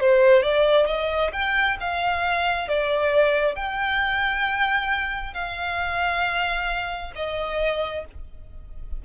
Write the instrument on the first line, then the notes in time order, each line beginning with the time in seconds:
violin
0.00 C5
0.42 D5
0.86 D#5
1.32 G5
1.80 F5
2.68 D5
3.55 G5
5.33 F5
7.15 D#5